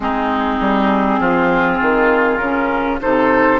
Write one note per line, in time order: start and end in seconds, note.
0.00 0.58 G#3
0.00 2.41 C4
0.00 1.20 D#4
0.00 2.37 G#4
0.60 1.19 G3
1.19 1.79 F3
1.19 3.00 F4
1.81 2.38 D#3
2.37 2.98 C#3
2.37 3.00 C#4
2.37 2.97 A#4
3.00 3.59 C3
3.00 3.59 D#4
3.00 3.59 A4
3.00 3.59 C5